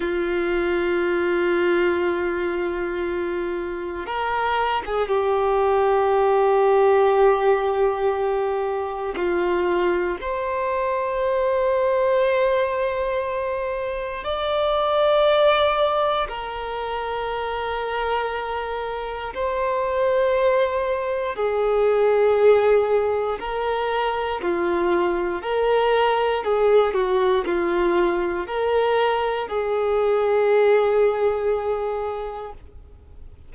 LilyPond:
\new Staff \with { instrumentName = "violin" } { \time 4/4 \tempo 4 = 59 f'1 | ais'8. gis'16 g'2.~ | g'4 f'4 c''2~ | c''2 d''2 |
ais'2. c''4~ | c''4 gis'2 ais'4 | f'4 ais'4 gis'8 fis'8 f'4 | ais'4 gis'2. | }